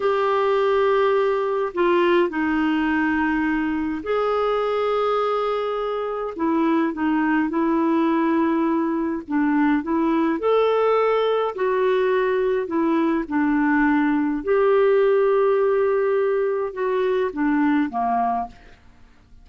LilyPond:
\new Staff \with { instrumentName = "clarinet" } { \time 4/4 \tempo 4 = 104 g'2. f'4 | dis'2. gis'4~ | gis'2. e'4 | dis'4 e'2. |
d'4 e'4 a'2 | fis'2 e'4 d'4~ | d'4 g'2.~ | g'4 fis'4 d'4 ais4 | }